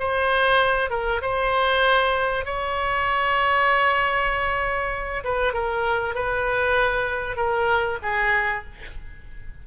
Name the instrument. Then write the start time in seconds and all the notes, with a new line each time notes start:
oboe
0.00 C5
0.91 A#4
1.22 C5
2.46 C#5
5.24 B4
5.54 A#4
6.15 B4
7.37 A#4
8.03 G#4